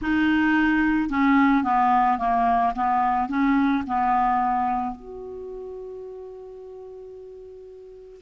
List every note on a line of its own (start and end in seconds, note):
0.02 1.09 D#4
1.09 1.63 C#4
1.63 2.18 B3
2.18 2.73 A#3
2.75 3.29 B3
3.29 3.84 C#4
3.86 4.95 B3
4.95 8.21 F#4